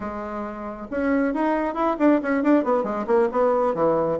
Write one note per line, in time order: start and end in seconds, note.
0.00 0.87 G#3
0.90 1.34 C#4
1.34 1.74 D#4
1.74 1.96 E4
1.98 2.20 D4
2.22 2.43 C#4
2.43 2.64 D4
2.64 2.83 B3
2.83 3.05 G#3
3.06 3.28 A#3
3.31 3.74 B3
3.74 4.18 E3